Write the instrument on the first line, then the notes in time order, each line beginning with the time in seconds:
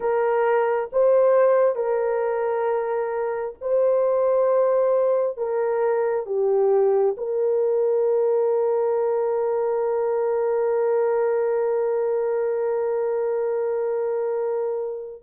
horn
0.00 A#4
0.92 C5
1.75 A#4
3.61 C5
5.37 A#4
6.26 G4
7.16 A#4